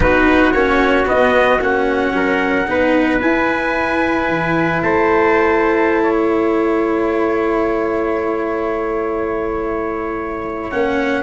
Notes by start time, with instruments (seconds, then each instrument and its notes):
0.00 tuba B3, cello D#4, trumpet F#4 B4
0.52 tuba A#3, cello C#4, trumpet C#5
1.05 cello B3, tuba B3, trumpet D#5
1.60 tuba A#3, cello C#4, trumpet F#5
2.12 tuba F#3, trumpet A#4
2.66 tuba B3, cello D#4, trumpet B4
3.21 tuba E4, cello E4, trumpet G#5
4.28 tuba E3
4.82 tuba A3, trumpet C5 A5
6.03 trumpet C#5
6.15 trumpet E5
10.70 tuba A#3, cello C#4, trumpet F#5